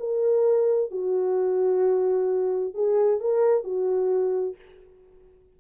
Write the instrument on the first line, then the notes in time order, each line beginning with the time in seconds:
horn
0.00 A#4
0.91 F#4
2.74 G#4
3.20 A#4
3.64 F#4